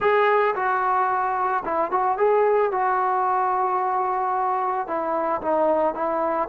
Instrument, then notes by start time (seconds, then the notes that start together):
trombone
0.00 G#4
0.55 F#4
1.64 E4
1.91 F#4
2.17 G#4
2.71 F#4
4.87 E4
5.41 D#4
5.94 E4